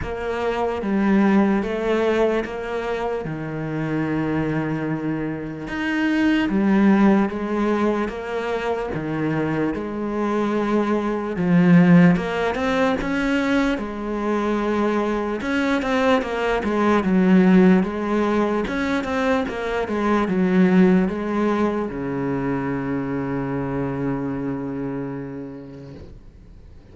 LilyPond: \new Staff \with { instrumentName = "cello" } { \time 4/4 \tempo 4 = 74 ais4 g4 a4 ais4 | dis2. dis'4 | g4 gis4 ais4 dis4 | gis2 f4 ais8 c'8 |
cis'4 gis2 cis'8 c'8 | ais8 gis8 fis4 gis4 cis'8 c'8 | ais8 gis8 fis4 gis4 cis4~ | cis1 | }